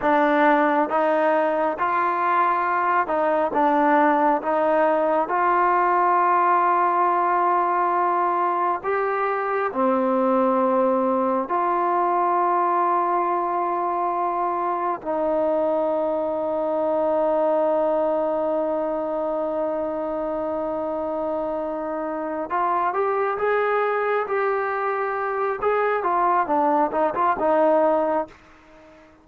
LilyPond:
\new Staff \with { instrumentName = "trombone" } { \time 4/4 \tempo 4 = 68 d'4 dis'4 f'4. dis'8 | d'4 dis'4 f'2~ | f'2 g'4 c'4~ | c'4 f'2.~ |
f'4 dis'2.~ | dis'1~ | dis'4. f'8 g'8 gis'4 g'8~ | g'4 gis'8 f'8 d'8 dis'16 f'16 dis'4 | }